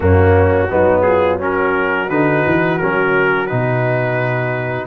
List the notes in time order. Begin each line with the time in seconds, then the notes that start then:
0.00 F#2 A#3 C#4 F#4
0.69 F#3 B3 D#4
1.01 F4 G#4
1.39 C#4 F#4 A#4
2.09 D3 D#4 B4
2.45 E3
2.78 F#3 C#4 A#4
3.46 B2 D#4 B4